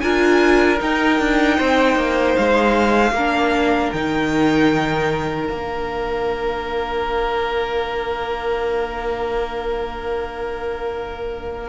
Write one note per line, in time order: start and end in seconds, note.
0.00 0.80 D4
0.00 0.78 F4
0.00 1.57 A#4
0.00 0.78 G#5
0.78 3.12 D#4
0.78 1.19 D#4
0.78 2.36 G5
1.19 1.58 D4
1.57 1.95 C4
1.57 3.13 C5
1.95 2.34 A#3
2.36 3.12 G#3
2.36 3.92 F5
3.12 3.89 A#3
3.12 11.68 A#4
3.18 3.94 D4
3.92 5.49 D#3
3.92 5.50 D#4
3.92 5.46 G5
5.46 11.68 A#3
5.46 11.68 D4
5.46 11.68 F5